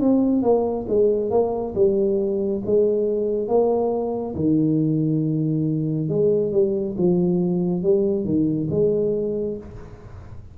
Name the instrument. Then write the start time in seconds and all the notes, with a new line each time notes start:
tuba
0.00 C4
0.42 A#3
0.88 G#3
1.30 A#3
1.75 G3
2.66 G#3
3.48 A#3
4.35 D#3
6.09 G#3
6.52 G3
6.98 F3
7.83 G3
8.25 D#3
8.70 G#3